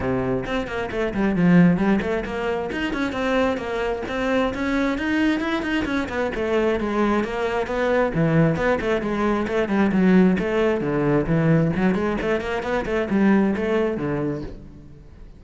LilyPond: \new Staff \with { instrumentName = "cello" } { \time 4/4 \tempo 4 = 133 c4 c'8 ais8 a8 g8 f4 | g8 a8 ais4 dis'8 cis'8 c'4 | ais4 c'4 cis'4 dis'4 | e'8 dis'8 cis'8 b8 a4 gis4 |
ais4 b4 e4 b8 a8 | gis4 a8 g8 fis4 a4 | d4 e4 fis8 gis8 a8 ais8 | b8 a8 g4 a4 d4 | }